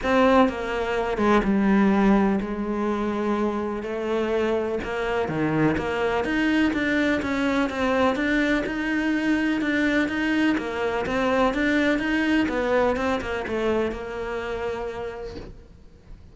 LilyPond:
\new Staff \with { instrumentName = "cello" } { \time 4/4 \tempo 4 = 125 c'4 ais4. gis8 g4~ | g4 gis2. | a2 ais4 dis4 | ais4 dis'4 d'4 cis'4 |
c'4 d'4 dis'2 | d'4 dis'4 ais4 c'4 | d'4 dis'4 b4 c'8 ais8 | a4 ais2. | }